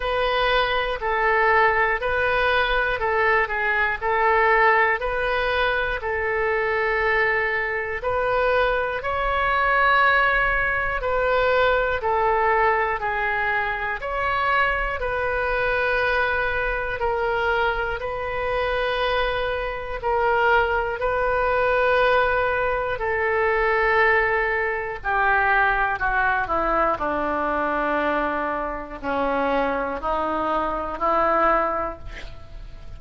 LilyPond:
\new Staff \with { instrumentName = "oboe" } { \time 4/4 \tempo 4 = 60 b'4 a'4 b'4 a'8 gis'8 | a'4 b'4 a'2 | b'4 cis''2 b'4 | a'4 gis'4 cis''4 b'4~ |
b'4 ais'4 b'2 | ais'4 b'2 a'4~ | a'4 g'4 fis'8 e'8 d'4~ | d'4 cis'4 dis'4 e'4 | }